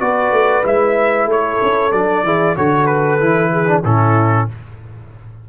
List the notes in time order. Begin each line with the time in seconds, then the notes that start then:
0.00 B3 F#4 B4 D5
0.31 A3
0.64 G#3 E4 E5
1.26 A3 A4 C#5
1.62 C#4
1.92 F#3 D4 D5
2.23 E3 E4 G#4
2.56 D3 F#4 A4 C#5
2.86 B4
3.20 E3 E4
3.52 G#4
3.67 D4
3.83 A2 C#4 E4 A4